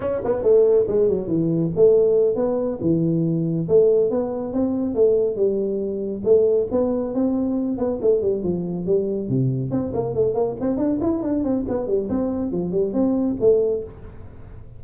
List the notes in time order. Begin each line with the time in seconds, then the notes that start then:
0.00 C#4
0.24 B3
0.42 A3
0.87 G#3
1.08 F#3
1.27 E3
1.75 A3
2.35 B3
2.81 E3
3.68 A3
4.10 B3
4.53 C4
4.94 A3
5.35 G3
6.24 A3
6.71 B3
7.14 C4
7.77 B3
8.01 A3
8.21 G3
8.43 F3
8.86 G3
9.28 C3
9.70 C4
9.93 A#3
10.14 A3
10.34 A#3
10.60 C4
10.77 D4
11.00 E4
11.22 D4
11.43 C4
11.68 B3
11.87 G3
12.09 C4
12.51 F3
12.71 G3
12.93 C4
13.40 A3